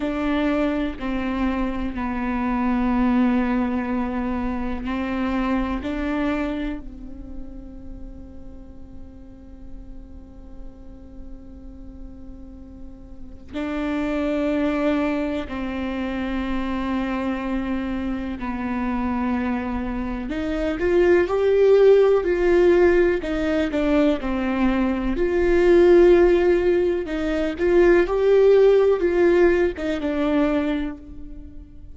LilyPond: \new Staff \with { instrumentName = "viola" } { \time 4/4 \tempo 4 = 62 d'4 c'4 b2~ | b4 c'4 d'4 c'4~ | c'1~ | c'2 d'2 |
c'2. b4~ | b4 dis'8 f'8 g'4 f'4 | dis'8 d'8 c'4 f'2 | dis'8 f'8 g'4 f'8. dis'16 d'4 | }